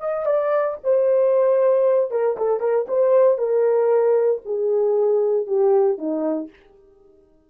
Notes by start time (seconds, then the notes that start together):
0.00 D#5
0.25 D5
0.83 C5
2.11 A#4
2.37 A4
2.60 A#4
2.88 C5
3.38 A#4
4.45 G#4
5.46 G4
5.98 D#4